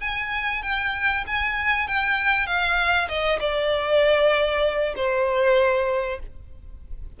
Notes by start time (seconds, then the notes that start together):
0.00 G#5
0.62 G5
1.27 G#5
1.87 G5
2.46 F5
3.08 D#5
3.40 D5
4.96 C5